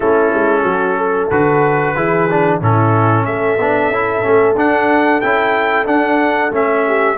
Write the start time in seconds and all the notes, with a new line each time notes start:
0.00 A3 C#4 E4 A4
0.34 G#3
0.63 F#3 F#4
0.97 A4
1.29 D3 F#4 B4
1.95 E3 E4 G#4
2.30 D4
2.61 A2 C#4 E4 A4
3.25 A3 A4 E5
3.58 B3 D4
3.88 C#4 E4
4.22 A3 C#4
4.55 D4 F#5
5.20 C#4 E4 G5
5.85 D4 F#5
6.51 A3 C#4 E5
6.86 G4